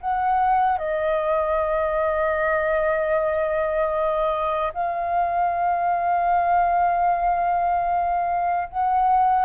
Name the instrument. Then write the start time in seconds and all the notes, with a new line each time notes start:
flute
0.00 F#5
0.78 D#5
4.73 F5
8.69 F#5